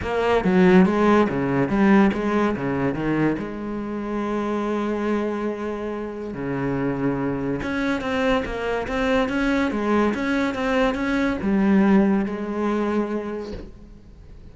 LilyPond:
\new Staff \with { instrumentName = "cello" } { \time 4/4 \tempo 4 = 142 ais4 fis4 gis4 cis4 | g4 gis4 cis4 dis4 | gis1~ | gis2. cis4~ |
cis2 cis'4 c'4 | ais4 c'4 cis'4 gis4 | cis'4 c'4 cis'4 g4~ | g4 gis2. | }